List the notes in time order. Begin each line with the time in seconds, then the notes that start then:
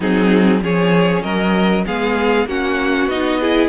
0.00 F#3 C4 D#4 G#4
0.61 F3 C#4 G#4 C#5
1.22 F#3 A#4 D#5
1.85 G#3 B3 G#4 F5
2.45 A#3 C#4 F#4 F#5
3.06 B3 D#4 D#5
3.40 E4 G#4